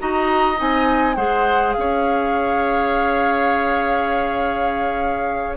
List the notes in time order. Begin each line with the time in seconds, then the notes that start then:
0.00 D#4 F#4 D#5 A#5
0.56 C4 D#4 G#5
1.15 G#3 G#4 C5 F#5
1.73 C#4 F5
1.79 C#5